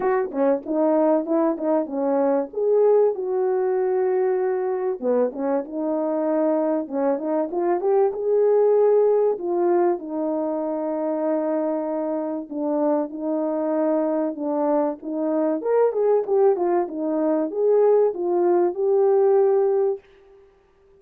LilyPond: \new Staff \with { instrumentName = "horn" } { \time 4/4 \tempo 4 = 96 fis'8 cis'8 dis'4 e'8 dis'8 cis'4 | gis'4 fis'2. | b8 cis'8 dis'2 cis'8 dis'8 | f'8 g'8 gis'2 f'4 |
dis'1 | d'4 dis'2 d'4 | dis'4 ais'8 gis'8 g'8 f'8 dis'4 | gis'4 f'4 g'2 | }